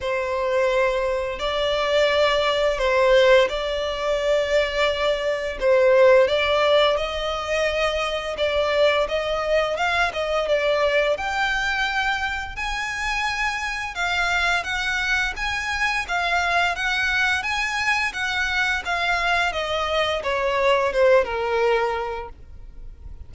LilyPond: \new Staff \with { instrumentName = "violin" } { \time 4/4 \tempo 4 = 86 c''2 d''2 | c''4 d''2. | c''4 d''4 dis''2 | d''4 dis''4 f''8 dis''8 d''4 |
g''2 gis''2 | f''4 fis''4 gis''4 f''4 | fis''4 gis''4 fis''4 f''4 | dis''4 cis''4 c''8 ais'4. | }